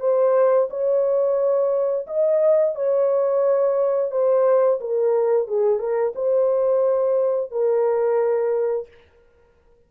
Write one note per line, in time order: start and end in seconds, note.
0.00 0.68 C5
0.70 2.06 C#5
2.07 2.75 D#5
2.75 4.11 C#5
4.11 4.79 C5
4.80 5.48 A#4
5.48 5.79 G#4
5.79 6.13 A#4
6.15 7.51 C5
7.51 8.88 A#4